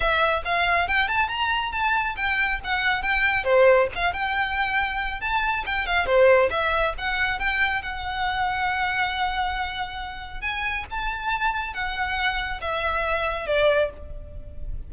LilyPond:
\new Staff \with { instrumentName = "violin" } { \time 4/4 \tempo 4 = 138 e''4 f''4 g''8 a''8 ais''4 | a''4 g''4 fis''4 g''4 | c''4 f''8 g''2~ g''8 | a''4 g''8 f''8 c''4 e''4 |
fis''4 g''4 fis''2~ | fis''1 | gis''4 a''2 fis''4~ | fis''4 e''2 d''4 | }